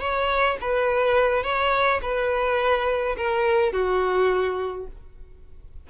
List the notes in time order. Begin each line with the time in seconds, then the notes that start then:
0.00 C#5
0.61 B4
1.43 C#5
2.02 B4
3.17 A#4
3.73 F#4